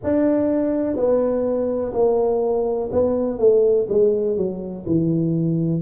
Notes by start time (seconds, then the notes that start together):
0.03 D4
0.96 B3
1.93 A#3
2.92 B3
3.39 A3
3.89 G#3
4.36 F#3
4.86 E3